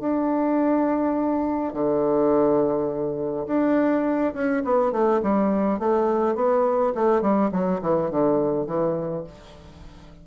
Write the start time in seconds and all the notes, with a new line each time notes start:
0.00 D4
1.73 D3
3.47 D4
4.34 C#4
4.64 B3
4.92 A3
5.22 G3
5.79 A3
6.35 B3
6.95 A3
7.22 G3
7.52 F#3
7.81 E3
8.11 D3
8.66 E3